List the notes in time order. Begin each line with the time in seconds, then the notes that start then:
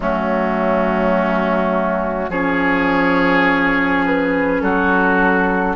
0.00 F#3 A3 C#4 F#4
2.29 F3 C#4 G#4 C#5
4.05 B4
4.61 F#3 F#4 A4